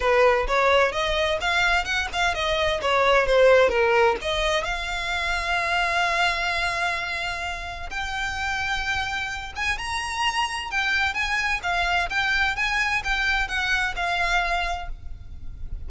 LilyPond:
\new Staff \with { instrumentName = "violin" } { \time 4/4 \tempo 4 = 129 b'4 cis''4 dis''4 f''4 | fis''8 f''8 dis''4 cis''4 c''4 | ais'4 dis''4 f''2~ | f''1~ |
f''4 g''2.~ | g''8 gis''8 ais''2 g''4 | gis''4 f''4 g''4 gis''4 | g''4 fis''4 f''2 | }